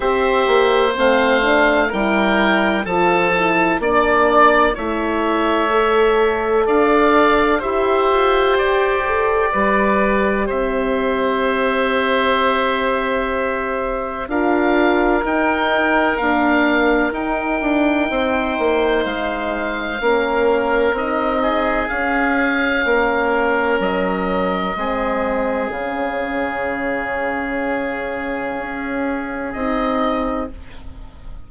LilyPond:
<<
  \new Staff \with { instrumentName = "oboe" } { \time 4/4 \tempo 4 = 63 e''4 f''4 g''4 a''4 | d''4 e''2 f''4 | e''4 d''2 e''4~ | e''2. f''4 |
g''4 f''4 g''2 | f''2 dis''4 f''4~ | f''4 dis''2 f''4~ | f''2. dis''4 | }
  \new Staff \with { instrumentName = "oboe" } { \time 4/4 c''2 ais'4 a'4 | d''4 cis''2 d''4 | c''2 b'4 c''4~ | c''2. ais'4~ |
ais'2. c''4~ | c''4 ais'4. gis'4. | ais'2 gis'2~ | gis'1 | }
  \new Staff \with { instrumentName = "horn" } { \time 4/4 g'4 c'8 d'8 e'4 f'8 e'8 | d'4 e'4 a'2 | g'4. a'8 g'2~ | g'2. f'4 |
dis'4 ais4 dis'2~ | dis'4 cis'4 dis'4 cis'4~ | cis'2 c'4 cis'4~ | cis'2. dis'4 | }
  \new Staff \with { instrumentName = "bassoon" } { \time 4/4 c'8 ais8 a4 g4 f4 | ais4 a2 d'4 | e'8 f'8 g'4 g4 c'4~ | c'2. d'4 |
dis'4 d'4 dis'8 d'8 c'8 ais8 | gis4 ais4 c'4 cis'4 | ais4 fis4 gis4 cis4~ | cis2 cis'4 c'4 | }
>>